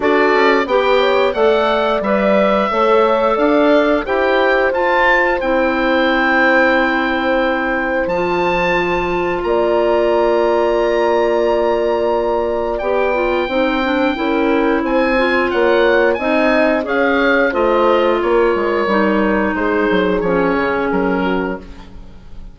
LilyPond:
<<
  \new Staff \with { instrumentName = "oboe" } { \time 4/4 \tempo 4 = 89 d''4 g''4 fis''4 e''4~ | e''4 f''4 g''4 a''4 | g''1 | a''2 ais''2~ |
ais''2. g''4~ | g''2 gis''4 fis''4 | gis''4 f''4 dis''4 cis''4~ | cis''4 c''4 cis''4 ais'4 | }
  \new Staff \with { instrumentName = "horn" } { \time 4/4 a'4 b'8 cis''8 d''2 | cis''4 d''4 c''2~ | c''1~ | c''2 d''2~ |
d''1 | c''4 ais'4 c''4 cis''4 | dis''4 cis''4 c''4 ais'4~ | ais'4 gis'2~ gis'8 fis'8 | }
  \new Staff \with { instrumentName = "clarinet" } { \time 4/4 fis'4 g'4 a'4 b'4 | a'2 g'4 f'4 | e'1 | f'1~ |
f'2. g'8 f'8 | dis'8 d'8 e'4. f'4. | dis'4 gis'4 f'2 | dis'2 cis'2 | }
  \new Staff \with { instrumentName = "bassoon" } { \time 4/4 d'8 cis'8 b4 a4 g4 | a4 d'4 e'4 f'4 | c'1 | f2 ais2~ |
ais2. b4 | c'4 cis'4 c'4 ais4 | c'4 cis'4 a4 ais8 gis8 | g4 gis8 fis8 f8 cis8 fis4 | }
>>